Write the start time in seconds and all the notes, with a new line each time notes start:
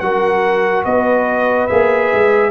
0.00 F#3 F#4 A#4 F#5
0.84 B3 B4 D#5
1.67 A#3 G#4 E5
2.13 G#3